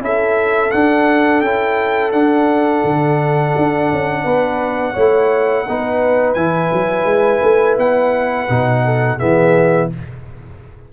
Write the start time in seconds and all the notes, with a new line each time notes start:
0.00 C#4 E4 A4 E5
0.71 D4 F#5
1.41 C#4 E4 G5
2.12 D4 F#5
2.84 D3
3.57 D4
3.92 C#4
4.24 B3 B4
4.93 A3 E4 C#5
5.68 B3 D#4 B4
6.34 E3 E4 G#5
6.72 F#3
7.04 G#3
7.42 A3
7.77 B3 F#5
8.49 B2 D#4
8.85 A4
9.18 E3 B3 G#4 E5